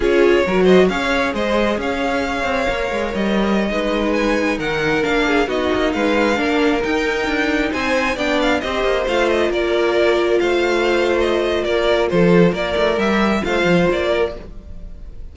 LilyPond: <<
  \new Staff \with { instrumentName = "violin" } { \time 4/4 \tempo 4 = 134 cis''4. dis''8 f''4 dis''4 | f''2. dis''4~ | dis''4~ dis''16 gis''4 fis''4 f''8.~ | f''16 dis''4 f''2 g''8.~ |
g''4~ g''16 gis''4 g''8 f''8 dis''8.~ | dis''16 f''8 dis''8 d''2 f''8.~ | f''4 dis''4 d''4 c''4 | d''4 e''4 f''4 d''4 | }
  \new Staff \with { instrumentName = "violin" } { \time 4/4 gis'4 ais'8 c''8 cis''4 c''4 | cis''1~ | cis''16 b'2 ais'4. gis'16~ | gis'16 fis'4 b'4 ais'4.~ ais'16~ |
ais'4~ ais'16 c''4 d''4 c''8.~ | c''4~ c''16 ais'2 c''8.~ | c''2 ais'4 a'4 | ais'2 c''4. ais'8 | }
  \new Staff \with { instrumentName = "viola" } { \time 4/4 f'4 fis'4 gis'2~ | gis'2 ais'2~ | ais'16 dis'2. d'8.~ | d'16 dis'2 d'4 dis'8.~ |
dis'2~ dis'16 d'4 g'8.~ | g'16 f'2.~ f'8.~ | f'1~ | f'4 g'4 f'2 | }
  \new Staff \with { instrumentName = "cello" } { \time 4/4 cis'4 fis4 cis'4 gis4 | cis'4. c'8 ais8 gis8 g4~ | g16 gis2 dis4 ais8.~ | ais16 b8 ais8 gis4 ais4 dis'8.~ |
dis'16 d'4 c'4 b4 c'8 ais16~ | ais16 a4 ais2 a8.~ | a2 ais4 f4 | ais8 a8 g4 a8 f8 ais4 | }
>>